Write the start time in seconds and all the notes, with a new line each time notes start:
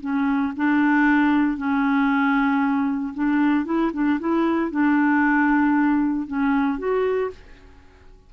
0.00 C#4
0.56 D4
1.57 C#4
3.14 D4
3.65 E4
3.93 D4
4.19 E4
4.71 D4
6.27 C#4
6.78 F#4